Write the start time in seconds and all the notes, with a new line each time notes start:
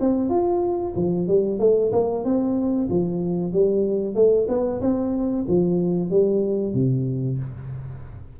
0.00 C4
0.29 F4
0.95 F3
1.27 G3
1.59 A3
1.92 A#3
2.24 C4
2.89 F3
3.52 G3
4.15 A3
4.48 B3
4.81 C4
5.48 F3
6.10 G3
6.74 C3